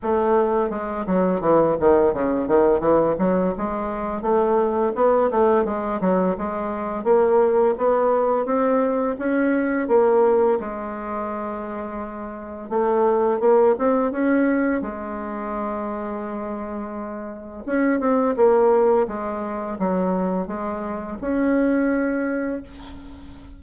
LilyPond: \new Staff \with { instrumentName = "bassoon" } { \time 4/4 \tempo 4 = 85 a4 gis8 fis8 e8 dis8 cis8 dis8 | e8 fis8 gis4 a4 b8 a8 | gis8 fis8 gis4 ais4 b4 | c'4 cis'4 ais4 gis4~ |
gis2 a4 ais8 c'8 | cis'4 gis2.~ | gis4 cis'8 c'8 ais4 gis4 | fis4 gis4 cis'2 | }